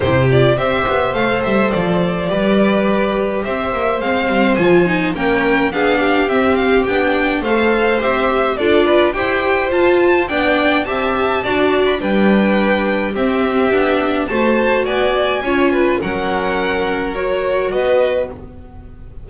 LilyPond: <<
  \new Staff \with { instrumentName = "violin" } { \time 4/4 \tempo 4 = 105 c''8 d''8 e''4 f''8 e''8 d''4~ | d''2 e''4 f''4 | gis''4 g''4 f''4 e''8 f''8 | g''4 f''4 e''4 d''4 |
g''4 a''4 g''4 a''4~ | a''8. b''16 g''2 e''4~ | e''4 a''4 gis''2 | fis''2 cis''4 dis''4 | }
  \new Staff \with { instrumentName = "violin" } { \time 4/4 g'4 c''2. | b'2 c''2~ | c''4 ais'4 gis'8 g'4.~ | g'4 c''2 a'8 b'8 |
c''2 d''4 e''4 | d''4 b'2 g'4~ | g'4 c''4 d''4 cis''8 b'8 | ais'2. b'4 | }
  \new Staff \with { instrumentName = "viola" } { \time 4/4 e'8 f'8 g'4 a'2 | g'2. c'4 | f'8 dis'8 cis'4 d'4 c'4 | d'4 a'4 g'4 f'4 |
g'4 f'4 d'4 g'4 | fis'4 d'2 c'4 | d'4 fis'2 f'4 | cis'2 fis'2 | }
  \new Staff \with { instrumentName = "double bass" } { \time 4/4 c4 c'8 b8 a8 g8 f4 | g2 c'8 ais8 gis8 g8 | f4 ais4 b4 c'4 | b4 a4 c'4 d'4 |
e'4 f'4 b4 c'4 | d'4 g2 c'4 | b4 a4 b4 cis'4 | fis2. b4 | }
>>